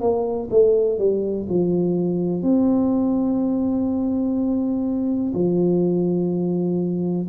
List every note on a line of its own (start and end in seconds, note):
0.00 0.48 A#3
0.50 0.98 A3
0.98 1.46 G3
1.49 2.42 F3
2.42 5.33 C4
5.34 7.28 F3